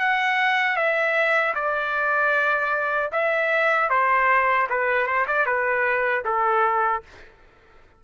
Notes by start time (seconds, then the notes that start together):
0.00 F#5
0.77 E5
1.55 D5
3.12 E5
3.90 C5
4.70 B4
5.07 C5
5.28 D5
5.47 B4
6.26 A4